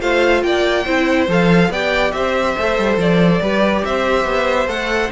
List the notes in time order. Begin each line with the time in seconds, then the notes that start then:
0.00 A3 F4 C5 F5
0.43 A#3 D5 G5
0.84 C4 E4 C5
1.27 F3 A4 F5
1.69 B3 G4 D5 G5
2.12 C4 C5 E5
2.58 A3 A4
2.78 G3
2.97 F3 D5
3.41 G3 G4 B4
3.84 C4 C5 E5
4.24 B3
4.67 A3 A4 F#5